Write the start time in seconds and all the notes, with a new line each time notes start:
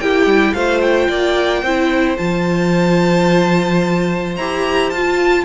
0.00 A#3 E4 G4 G5
0.26 G3
0.54 A3 F4 C5 F5
0.82 G5
1.09 A#3 D5
1.63 C4 E4 C5
2.17 F3 F4 A5
4.36 E4 G4 A#5
4.90 F4 A5